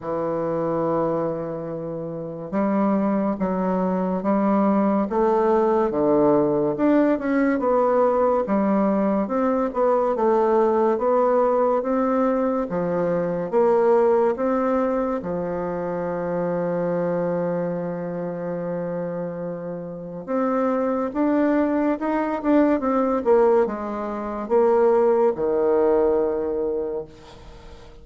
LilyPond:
\new Staff \with { instrumentName = "bassoon" } { \time 4/4 \tempo 4 = 71 e2. g4 | fis4 g4 a4 d4 | d'8 cis'8 b4 g4 c'8 b8 | a4 b4 c'4 f4 |
ais4 c'4 f2~ | f1 | c'4 d'4 dis'8 d'8 c'8 ais8 | gis4 ais4 dis2 | }